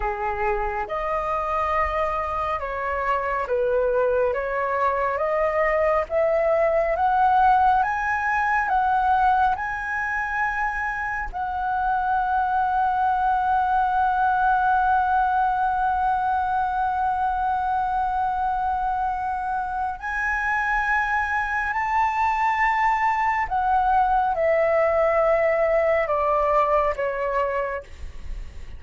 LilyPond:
\new Staff \with { instrumentName = "flute" } { \time 4/4 \tempo 4 = 69 gis'4 dis''2 cis''4 | b'4 cis''4 dis''4 e''4 | fis''4 gis''4 fis''4 gis''4~ | gis''4 fis''2.~ |
fis''1~ | fis''2. gis''4~ | gis''4 a''2 fis''4 | e''2 d''4 cis''4 | }